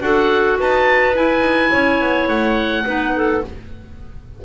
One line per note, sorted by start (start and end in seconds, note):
0.00 0.57 D4
0.00 1.13 F#4
0.00 0.60 A4
0.00 0.58 F#5
0.60 1.17 D#4
0.60 1.71 B4
0.60 1.17 A5
1.15 2.84 E4
1.15 1.40 E4
1.15 2.29 G#5
1.40 1.69 D#4
1.71 2.01 C#4
1.71 2.84 C#5
2.01 2.28 B3
2.28 2.85 A3
2.28 3.42 F#5
2.85 3.43 B3
2.85 3.42 D#4
2.85 3.14 B4
3.16 3.45 A4